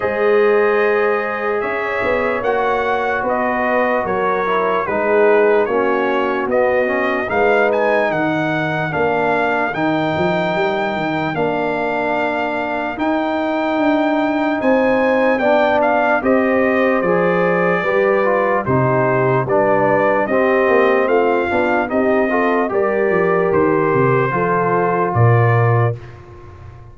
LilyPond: <<
  \new Staff \with { instrumentName = "trumpet" } { \time 4/4 \tempo 4 = 74 dis''2 e''4 fis''4 | dis''4 cis''4 b'4 cis''4 | dis''4 f''8 gis''8 fis''4 f''4 | g''2 f''2 |
g''2 gis''4 g''8 f''8 | dis''4 d''2 c''4 | d''4 dis''4 f''4 dis''4 | d''4 c''2 d''4 | }
  \new Staff \with { instrumentName = "horn" } { \time 4/4 c''2 cis''2 | b'4 ais'4 gis'4 fis'4~ | fis'4 b'4 ais'2~ | ais'1~ |
ais'2 c''4 d''4 | c''2 b'4 g'4 | b'4 g'4 f'4 g'8 a'8 | ais'2 a'4 ais'4 | }
  \new Staff \with { instrumentName = "trombone" } { \time 4/4 gis'2. fis'4~ | fis'4. e'8 dis'4 cis'4 | b8 cis'8 dis'2 d'4 | dis'2 d'2 |
dis'2. d'4 | g'4 gis'4 g'8 f'8 dis'4 | d'4 c'4. d'8 dis'8 f'8 | g'2 f'2 | }
  \new Staff \with { instrumentName = "tuba" } { \time 4/4 gis2 cis'8 b8 ais4 | b4 fis4 gis4 ais4 | b4 gis4 dis4 ais4 | dis8 f8 g8 dis8 ais2 |
dis'4 d'4 c'4 b4 | c'4 f4 g4 c4 | g4 c'8 ais8 a8 b8 c'4 | g8 f8 dis8 c8 f4 ais,4 | }
>>